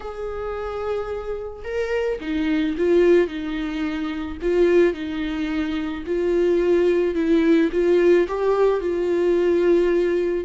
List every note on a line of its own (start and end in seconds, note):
0.00 1.63 G#4
1.64 2.19 A#4
2.20 2.75 D#4
2.77 3.27 F4
3.27 4.37 D#4
4.41 4.93 F4
4.93 6.03 D#4
6.06 7.15 F4
7.15 7.70 E4
7.72 8.27 F4
8.28 8.80 G4
8.80 10.44 F4